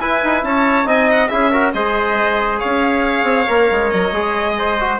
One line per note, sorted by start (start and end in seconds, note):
0.00 0.22 E4
0.00 0.85 E4
0.00 0.46 B4
0.00 0.44 G#5
0.24 0.43 D#4
0.43 0.86 C#4
0.43 0.87 C#5
0.43 0.88 A5
0.85 1.29 C4
0.85 1.29 D#4
0.85 1.31 D#5
0.85 1.10 G#5
1.11 1.28 F#5
1.28 1.74 C#4
1.28 1.52 E4
1.28 1.51 G#4
1.28 1.71 E5
1.51 1.74 F#4
1.51 1.73 A#4
1.74 2.61 G#3
1.74 3.47 G#4
1.74 2.59 C5
1.74 2.59 D#5
2.59 3.23 C#4
2.59 4.55 C#5
2.59 3.90 F5
3.23 3.45 C4
3.47 3.71 A#3
3.47 4.12 A#4
3.71 3.93 G#3
3.90 4.12 F#3
3.90 4.98 D#5
4.12 4.99 G#3
4.12 4.78 G#4
4.58 5.00 C5
4.80 5.00 F#4